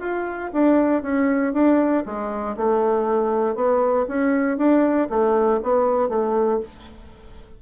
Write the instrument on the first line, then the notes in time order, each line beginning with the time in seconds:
bassoon
0.00 F4
0.53 D4
1.02 C#4
1.53 D4
2.05 G#3
2.57 A3
3.55 B3
4.08 C#4
4.58 D4
5.09 A3
5.63 B3
6.09 A3